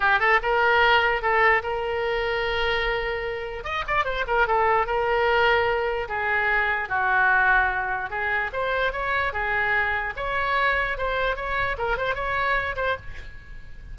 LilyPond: \new Staff \with { instrumentName = "oboe" } { \time 4/4 \tempo 4 = 148 g'8 a'8 ais'2 a'4 | ais'1~ | ais'4 dis''8 d''8 c''8 ais'8 a'4 | ais'2. gis'4~ |
gis'4 fis'2. | gis'4 c''4 cis''4 gis'4~ | gis'4 cis''2 c''4 | cis''4 ais'8 c''8 cis''4. c''8 | }